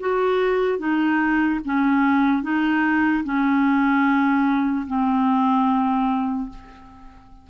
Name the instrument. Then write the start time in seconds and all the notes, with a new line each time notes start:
clarinet
0.00 F#4
0.79 D#4
1.65 C#4
2.43 D#4
3.24 C#4
4.88 C4